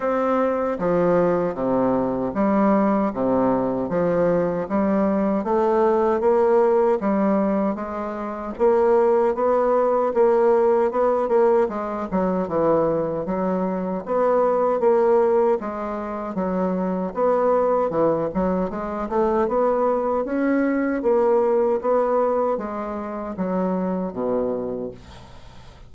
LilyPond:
\new Staff \with { instrumentName = "bassoon" } { \time 4/4 \tempo 4 = 77 c'4 f4 c4 g4 | c4 f4 g4 a4 | ais4 g4 gis4 ais4 | b4 ais4 b8 ais8 gis8 fis8 |
e4 fis4 b4 ais4 | gis4 fis4 b4 e8 fis8 | gis8 a8 b4 cis'4 ais4 | b4 gis4 fis4 b,4 | }